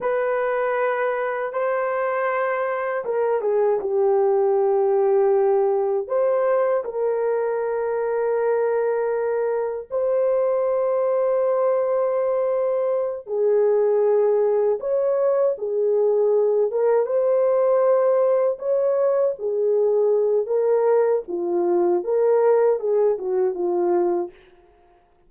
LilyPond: \new Staff \with { instrumentName = "horn" } { \time 4/4 \tempo 4 = 79 b'2 c''2 | ais'8 gis'8 g'2. | c''4 ais'2.~ | ais'4 c''2.~ |
c''4. gis'2 cis''8~ | cis''8 gis'4. ais'8 c''4.~ | c''8 cis''4 gis'4. ais'4 | f'4 ais'4 gis'8 fis'8 f'4 | }